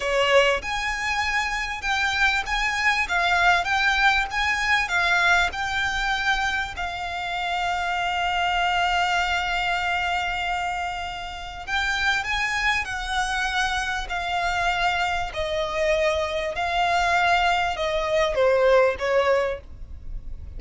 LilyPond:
\new Staff \with { instrumentName = "violin" } { \time 4/4 \tempo 4 = 98 cis''4 gis''2 g''4 | gis''4 f''4 g''4 gis''4 | f''4 g''2 f''4~ | f''1~ |
f''2. g''4 | gis''4 fis''2 f''4~ | f''4 dis''2 f''4~ | f''4 dis''4 c''4 cis''4 | }